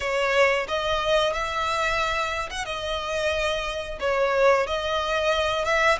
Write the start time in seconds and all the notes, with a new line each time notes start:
0.00 C#5
0.68 D#5
1.33 E5
2.50 F#5
2.65 D#5
4.00 C#5
4.66 D#5
5.65 E5